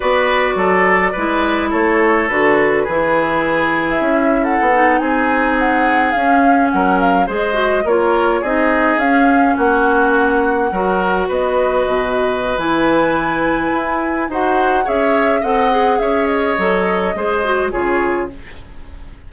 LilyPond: <<
  \new Staff \with { instrumentName = "flute" } { \time 4/4 \tempo 4 = 105 d''2. cis''4 | b'2~ b'8. e''4 fis''16~ | fis''8. gis''4 fis''4 f''4 fis''16~ | fis''16 f''8 dis''4 cis''4 dis''4 f''16~ |
f''8. fis''2. dis''16~ | dis''2 gis''2~ | gis''4 fis''4 e''4 fis''4 | e''8 dis''2~ dis''8 cis''4 | }
  \new Staff \with { instrumentName = "oboe" } { \time 4/4 b'4 a'4 b'4 a'4~ | a'4 gis'2~ gis'8. a'16~ | a'8. gis'2. ais'16~ | ais'8. c''4 ais'4 gis'4~ gis'16~ |
gis'8. fis'2 ais'4 b'16~ | b'1~ | b'4 c''4 cis''4 dis''4 | cis''2 c''4 gis'4 | }
  \new Staff \with { instrumentName = "clarinet" } { \time 4/4 fis'2 e'2 | fis'4 e'2.~ | e'16 dis'2~ dis'8 cis'4~ cis'16~ | cis'8. gis'8 fis'8 f'4 dis'4 cis'16~ |
cis'2~ cis'8. fis'4~ fis'16~ | fis'2 e'2~ | e'4 fis'4 gis'4 a'8 gis'8~ | gis'4 a'4 gis'8 fis'8 f'4 | }
  \new Staff \with { instrumentName = "bassoon" } { \time 4/4 b4 fis4 gis4 a4 | d4 e2 cis'4 | b8. c'2 cis'4 fis16~ | fis8. gis4 ais4 c'4 cis'16~ |
cis'8. ais2 fis4 b16~ | b8. b,4~ b,16 e2 | e'4 dis'4 cis'4 c'4 | cis'4 fis4 gis4 cis4 | }
>>